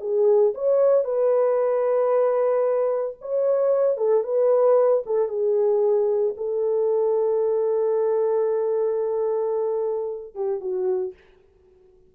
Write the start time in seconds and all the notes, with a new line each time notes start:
0.00 G#4
0.54 C#5
1.04 B4
3.21 C#5
3.97 A4
4.23 B4
5.06 A4
5.28 G#4
6.36 A4
10.35 G4
10.60 F#4